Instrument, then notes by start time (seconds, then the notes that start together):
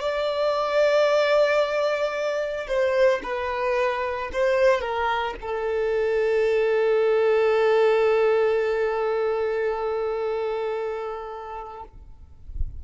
violin
0.00 D5
2.67 C5
3.23 B4
4.33 C5
4.81 A#4
5.41 A4